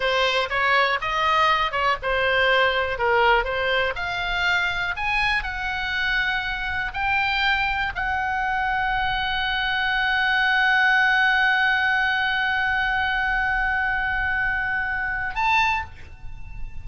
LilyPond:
\new Staff \with { instrumentName = "oboe" } { \time 4/4 \tempo 4 = 121 c''4 cis''4 dis''4. cis''8 | c''2 ais'4 c''4 | f''2 gis''4 fis''4~ | fis''2 g''2 |
fis''1~ | fis''1~ | fis''1~ | fis''2. a''4 | }